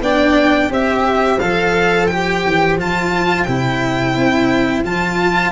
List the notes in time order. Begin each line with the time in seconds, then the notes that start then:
0.00 B3 D4 D5 G5
0.69 C4 G4 C5 E5
1.39 F3 A4 F5
2.07 G4 G5
2.45 E3
2.77 F3 F4 A5
3.44 C3 E4 G5
4.16 C4
4.83 F3 F4 A5